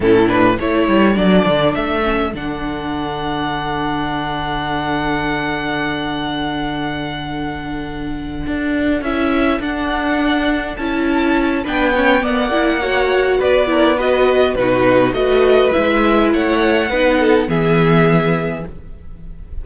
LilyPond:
<<
  \new Staff \with { instrumentName = "violin" } { \time 4/4 \tempo 4 = 103 a'8 b'8 cis''4 d''4 e''4 | fis''1~ | fis''1~ | fis''2.~ fis''8 e''8~ |
e''8 fis''2 a''4. | g''4 fis''2 d''4 | dis''4 b'4 dis''4 e''4 | fis''2 e''2 | }
  \new Staff \with { instrumentName = "violin" } { \time 4/4 e'4 a'2.~ | a'1~ | a'1~ | a'1~ |
a'1 | b'8 cis''8 d''4 cis''4 b'8 ais'8 | b'4 fis'4 b'2 | cis''4 b'8 a'8 gis'2 | }
  \new Staff \with { instrumentName = "viola" } { \time 4/4 cis'8 d'8 e'4 d'4. cis'8 | d'1~ | d'1~ | d'2.~ d'8 e'8~ |
e'8 d'2 e'4. | d'8 cis'8 b8 e'8 fis'4. e'8 | fis'4 dis'4 fis'4 e'4~ | e'4 dis'4 b2 | }
  \new Staff \with { instrumentName = "cello" } { \time 4/4 a,4 a8 g8 fis8 d8 a4 | d1~ | d1~ | d2~ d8 d'4 cis'8~ |
cis'8 d'2 cis'4. | b4 ais2 b4~ | b4 b,4 a4 gis4 | a4 b4 e2 | }
>>